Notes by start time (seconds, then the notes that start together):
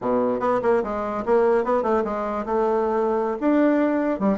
0.01 B2
0.40 B3
0.62 A#3
0.83 G#3
1.25 A#3
1.64 B3
1.83 A3
2.04 G#3
2.45 A3
3.40 D4
4.19 G3